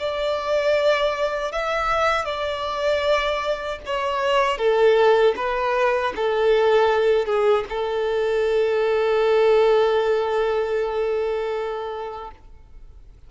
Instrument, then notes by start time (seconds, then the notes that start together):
violin
0.00 D5
1.52 E5
2.26 D5
3.86 C#5
4.58 A4
5.37 B4
6.16 A4
7.26 G#4
7.70 A4